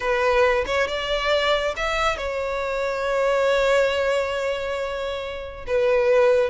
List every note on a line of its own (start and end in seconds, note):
0.00 0.64 B4
0.66 0.87 C#5
0.87 1.74 D5
1.76 2.17 E5
2.17 5.65 C#5
5.66 6.49 B4